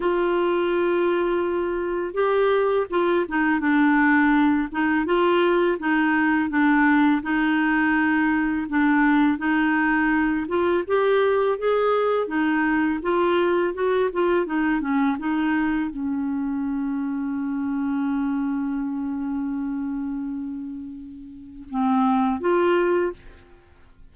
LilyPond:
\new Staff \with { instrumentName = "clarinet" } { \time 4/4 \tempo 4 = 83 f'2. g'4 | f'8 dis'8 d'4. dis'8 f'4 | dis'4 d'4 dis'2 | d'4 dis'4. f'8 g'4 |
gis'4 dis'4 f'4 fis'8 f'8 | dis'8 cis'8 dis'4 cis'2~ | cis'1~ | cis'2 c'4 f'4 | }